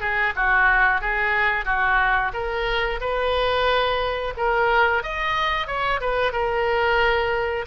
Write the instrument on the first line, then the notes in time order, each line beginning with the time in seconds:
oboe
0.00 G#4
0.36 F#4
1.01 G#4
1.65 F#4
2.33 A#4
3.00 B4
4.37 A#4
5.03 D#5
5.67 C#5
6.01 B4
6.32 A#4